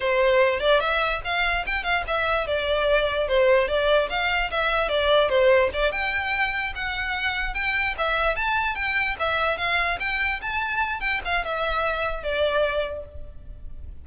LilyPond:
\new Staff \with { instrumentName = "violin" } { \time 4/4 \tempo 4 = 147 c''4. d''8 e''4 f''4 | g''8 f''8 e''4 d''2 | c''4 d''4 f''4 e''4 | d''4 c''4 d''8 g''4.~ |
g''8 fis''2 g''4 e''8~ | e''8 a''4 g''4 e''4 f''8~ | f''8 g''4 a''4. g''8 f''8 | e''2 d''2 | }